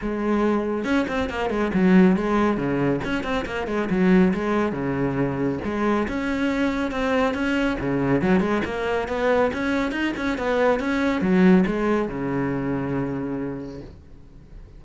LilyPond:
\new Staff \with { instrumentName = "cello" } { \time 4/4 \tempo 4 = 139 gis2 cis'8 c'8 ais8 gis8 | fis4 gis4 cis4 cis'8 c'8 | ais8 gis8 fis4 gis4 cis4~ | cis4 gis4 cis'2 |
c'4 cis'4 cis4 fis8 gis8 | ais4 b4 cis'4 dis'8 cis'8 | b4 cis'4 fis4 gis4 | cis1 | }